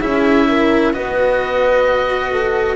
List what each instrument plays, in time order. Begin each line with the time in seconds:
0.00 double bass C#4, cello E4, horn G#4, oboe E5
0.49 horn A#4
0.93 double bass B3, cello F#4, horn B4, oboe D#5
2.32 horn A4